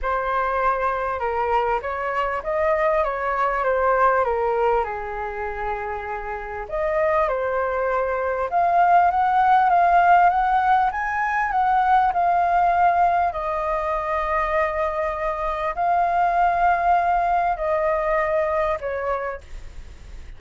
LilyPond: \new Staff \with { instrumentName = "flute" } { \time 4/4 \tempo 4 = 99 c''2 ais'4 cis''4 | dis''4 cis''4 c''4 ais'4 | gis'2. dis''4 | c''2 f''4 fis''4 |
f''4 fis''4 gis''4 fis''4 | f''2 dis''2~ | dis''2 f''2~ | f''4 dis''2 cis''4 | }